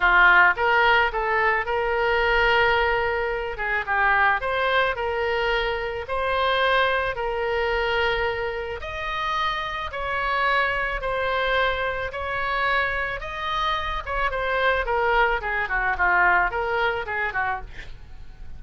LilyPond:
\new Staff \with { instrumentName = "oboe" } { \time 4/4 \tempo 4 = 109 f'4 ais'4 a'4 ais'4~ | ais'2~ ais'8 gis'8 g'4 | c''4 ais'2 c''4~ | c''4 ais'2. |
dis''2 cis''2 | c''2 cis''2 | dis''4. cis''8 c''4 ais'4 | gis'8 fis'8 f'4 ais'4 gis'8 fis'8 | }